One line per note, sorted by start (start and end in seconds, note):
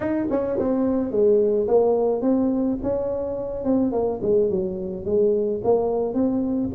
0.00 0.27 D#4
0.30 0.58 C#4
0.59 1.11 C4
1.11 1.67 G#3
1.67 2.21 A#3
2.21 2.77 C4
2.82 3.64 C#4
3.64 3.92 C4
3.92 4.20 A#3
4.22 4.49 G#3
4.49 5.05 F#3
5.05 5.61 G#3
5.64 6.14 A#3
6.14 6.70 C4